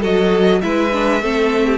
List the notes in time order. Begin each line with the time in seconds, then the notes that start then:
0.00 F#3 F#4 A4 D#5
0.61 G#3 E4 B4 E5
0.91 D4
1.21 A3 C4 A4
1.66 G4